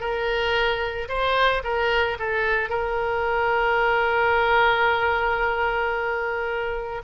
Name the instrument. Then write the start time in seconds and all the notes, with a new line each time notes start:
oboe
0.00 A#4
1.09 C5
1.64 A#4
2.19 A4
2.70 A#4